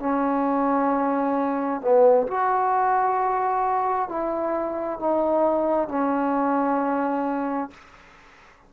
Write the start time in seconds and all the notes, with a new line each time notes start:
0.00 C#4
1.82 B3
2.28 F#4
4.09 E4
5.00 D#4
5.89 C#4